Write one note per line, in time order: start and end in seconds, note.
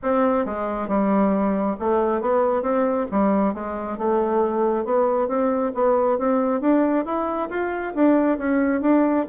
0.02 0.45 C4
0.45 0.88 G#3
0.88 1.76 G3
1.79 2.21 A3
2.21 2.62 B3
2.62 3.06 C4
3.11 3.53 G3
3.53 3.97 G#3
3.97 4.84 A3
4.84 5.28 B3
5.28 5.72 C4
5.74 6.18 B3
6.18 6.61 C4
6.61 7.05 D4
7.05 7.49 E4
7.49 7.94 F4
7.95 8.38 D4
8.38 8.81 C#4
8.81 9.25 D4